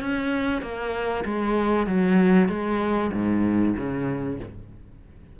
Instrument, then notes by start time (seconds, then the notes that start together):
cello
0.00 C#4
0.62 A#3
1.25 G#3
1.86 F#3
2.48 G#3
3.13 G#2
3.77 C#3